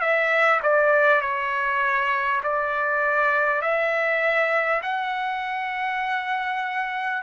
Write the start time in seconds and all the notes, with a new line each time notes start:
0.00 E5
0.62 D5
1.21 C#5
2.43 D5
3.61 E5
4.82 F#5